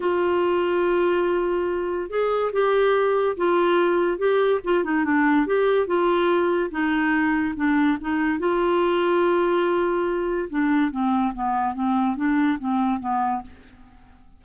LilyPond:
\new Staff \with { instrumentName = "clarinet" } { \time 4/4 \tempo 4 = 143 f'1~ | f'4 gis'4 g'2 | f'2 g'4 f'8 dis'8 | d'4 g'4 f'2 |
dis'2 d'4 dis'4 | f'1~ | f'4 d'4 c'4 b4 | c'4 d'4 c'4 b4 | }